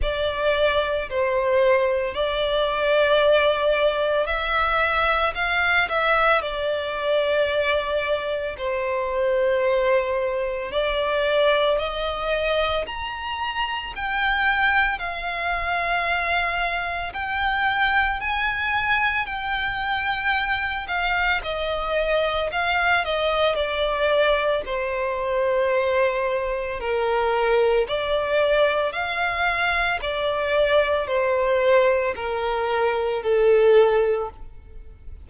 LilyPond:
\new Staff \with { instrumentName = "violin" } { \time 4/4 \tempo 4 = 56 d''4 c''4 d''2 | e''4 f''8 e''8 d''2 | c''2 d''4 dis''4 | ais''4 g''4 f''2 |
g''4 gis''4 g''4. f''8 | dis''4 f''8 dis''8 d''4 c''4~ | c''4 ais'4 d''4 f''4 | d''4 c''4 ais'4 a'4 | }